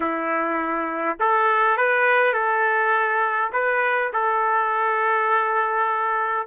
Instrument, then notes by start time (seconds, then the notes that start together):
trumpet
0.00 E4
1.19 A4
1.77 B4
2.33 A4
3.52 B4
4.12 A4